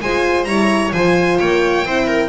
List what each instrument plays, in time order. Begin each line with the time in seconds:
0.00 double bass G#3, horn F4, viola C5, violin G#5
0.44 double bass G3, horn E4, viola C#5, violin A#5
0.92 double bass F3, horn F4, viola C5, violin G#5
1.37 double bass A#3, viola C#5, violin G5
1.84 double bass C4, horn E4, viola C5
2.07 viola A#4